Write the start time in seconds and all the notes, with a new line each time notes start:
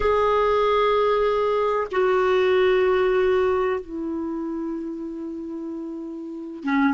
0.00 G#4
1.91 F#4
3.80 E4
6.63 C#4